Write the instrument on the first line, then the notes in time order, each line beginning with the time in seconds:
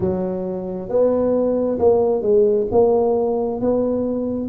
tuba
0.00 F#3
0.89 B3
1.78 A#3
2.21 G#3
2.71 A#3
3.60 B3